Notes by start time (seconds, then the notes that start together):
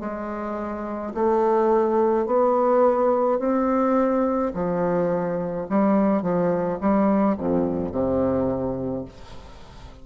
0.00 G#3
1.14 A3
2.26 B3
3.39 C4
4.54 F3
5.70 G3
6.22 F3
6.81 G3
7.37 F2
7.92 C3